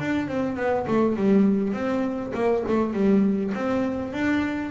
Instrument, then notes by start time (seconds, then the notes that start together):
double bass
0.00 D4
0.28 C4
0.57 B3
0.88 A3
1.16 G3
1.73 C4
2.34 A#3
2.68 A3
2.94 G3
3.55 C4
4.13 D4